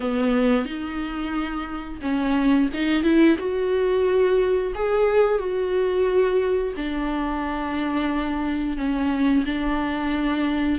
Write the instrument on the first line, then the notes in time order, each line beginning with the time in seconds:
viola
0.00 B3
0.65 D#4
2.01 C#4
2.73 D#4
3.03 E4
3.38 F#4
4.74 G#4
5.38 F#4
6.76 D4
8.77 C#4
9.45 D4